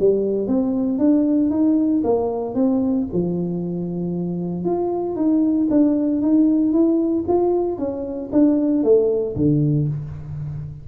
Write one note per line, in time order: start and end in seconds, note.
0.00 0.48 G3
0.48 0.99 C4
0.99 1.51 D4
1.51 2.03 D#4
2.04 2.55 A#3
2.55 3.08 C4
3.13 4.65 F3
4.65 5.16 F4
5.16 5.68 D#4
5.71 6.22 D4
6.22 6.73 D#4
6.73 7.25 E4
7.28 7.79 F4
7.79 8.31 C#4
8.33 8.84 D4
8.84 9.36 A3
9.36 9.88 D3